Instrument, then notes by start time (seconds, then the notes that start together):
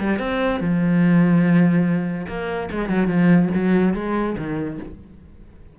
cello
0.00 G3
0.19 C4
0.61 F3
2.28 A#3
2.72 G#3
2.89 F#3
3.08 F3
3.55 F#3
3.95 G#3
4.38 D#3